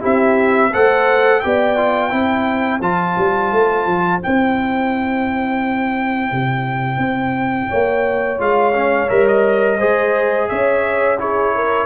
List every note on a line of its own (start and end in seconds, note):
0.00 0.74 C4
0.00 0.70 E4
0.00 0.70 G4
0.00 0.74 E5
0.72 1.44 A3
0.72 1.43 A4
0.72 1.42 C5
0.72 1.40 F#5
1.40 2.12 B3
1.40 1.77 G4
1.40 2.12 D5
1.40 2.80 G5
1.77 2.10 F4
2.10 2.81 C4
2.10 2.80 E4
2.10 7.69 C5
2.81 3.16 F3
2.81 4.21 F4
2.81 4.21 A5
3.17 3.52 G3
3.52 3.86 A3
3.86 4.21 F3
4.21 6.32 C4
4.21 8.38 E4
4.21 8.41 G5
6.32 6.98 C3
6.98 7.67 C4
7.69 8.39 A#3
7.69 9.78 C#5
8.38 9.09 G#3
8.38 8.73 F4
8.38 9.09 F5
8.73 9.08 C#4
9.09 9.80 G3
9.09 9.78 A#4
9.09 9.27 E5
9.28 10.49 D#5
9.78 10.50 G#3
9.78 11.18 G#4
9.78 10.48 C5
10.49 11.86 C#4
10.49 11.19 C#5
10.49 11.18 E5
11.18 11.86 E4
11.18 11.55 G#4
11.18 11.86 C#5
11.55 11.86 A#4